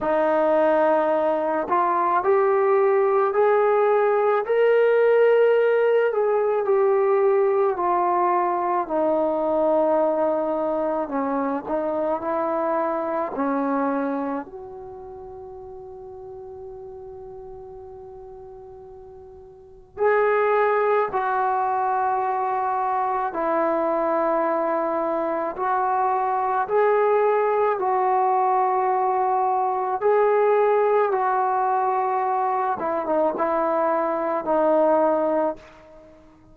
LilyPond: \new Staff \with { instrumentName = "trombone" } { \time 4/4 \tempo 4 = 54 dis'4. f'8 g'4 gis'4 | ais'4. gis'8 g'4 f'4 | dis'2 cis'8 dis'8 e'4 | cis'4 fis'2.~ |
fis'2 gis'4 fis'4~ | fis'4 e'2 fis'4 | gis'4 fis'2 gis'4 | fis'4. e'16 dis'16 e'4 dis'4 | }